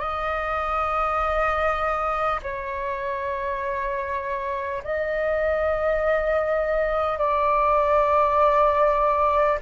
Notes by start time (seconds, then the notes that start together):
0.00 D#5
2.43 C#5
4.84 D#5
7.18 D5